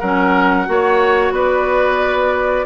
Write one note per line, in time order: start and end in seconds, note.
0.00 0.68 F#3
0.00 0.66 C#4
0.00 0.67 A#4
0.00 1.33 F#5
0.66 1.32 A#3
0.66 2.66 F#4
0.66 1.34 C#5
1.32 2.65 B3
1.32 2.66 B4
1.32 2.66 D5